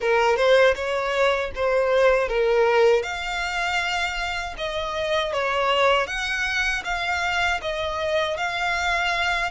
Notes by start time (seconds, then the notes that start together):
0.00 A#4
0.36 C5
0.75 C#5
1.55 C5
2.28 A#4
3.02 F5
4.57 D#5
5.33 C#5
6.06 F#5
6.84 F5
7.61 D#5
8.37 F5